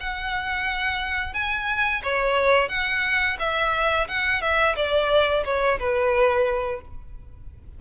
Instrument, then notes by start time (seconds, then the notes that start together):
violin
0.00 F#5
1.34 G#5
2.03 C#5
2.69 F#5
3.39 E5
4.08 F#5
4.41 E5
4.76 D5
5.45 C#5
5.79 B4